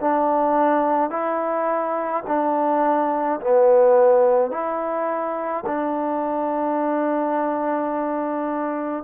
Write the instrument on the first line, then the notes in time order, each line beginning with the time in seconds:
trombone
0.00 D4
1.10 E4
2.27 D4
3.41 B3
4.51 E4
5.66 D4